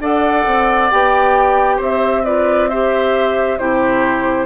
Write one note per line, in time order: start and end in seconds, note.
0.00 0.45 D4
0.00 0.91 A4
0.00 1.76 D5
0.00 0.90 F#5
0.46 0.91 C4
0.90 1.79 B3
0.90 2.25 G4
0.90 1.80 G5
1.76 3.58 C4
1.76 2.21 C5
1.83 2.25 E5
2.25 2.70 F4
2.25 2.69 B4
2.25 2.69 D5
2.69 3.59 G4
2.69 3.59 C5
2.69 3.58 E5
3.58 4.46 C3
3.58 4.46 E4
3.58 4.46 G4
3.58 4.46 C5